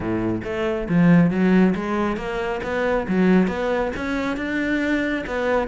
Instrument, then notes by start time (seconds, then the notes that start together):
cello
0.00 A2
0.44 A3
0.88 F3
1.30 F#3
1.75 G#3
2.17 A#3
2.63 B3
3.08 F#3
3.47 B3
3.96 C#4
4.37 D4
5.26 B3